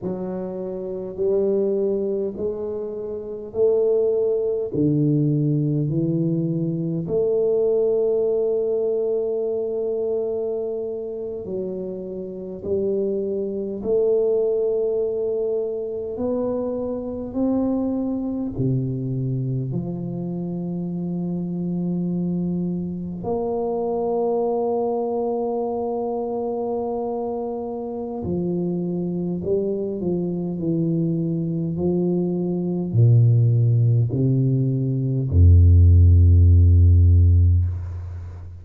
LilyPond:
\new Staff \with { instrumentName = "tuba" } { \time 4/4 \tempo 4 = 51 fis4 g4 gis4 a4 | d4 e4 a2~ | a4.~ a16 fis4 g4 a16~ | a4.~ a16 b4 c'4 c16~ |
c8. f2. ais16~ | ais1 | f4 g8 f8 e4 f4 | ais,4 c4 f,2 | }